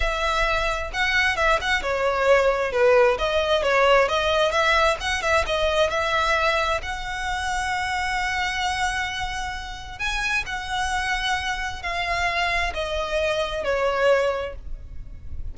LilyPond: \new Staff \with { instrumentName = "violin" } { \time 4/4 \tempo 4 = 132 e''2 fis''4 e''8 fis''8 | cis''2 b'4 dis''4 | cis''4 dis''4 e''4 fis''8 e''8 | dis''4 e''2 fis''4~ |
fis''1~ | fis''2 gis''4 fis''4~ | fis''2 f''2 | dis''2 cis''2 | }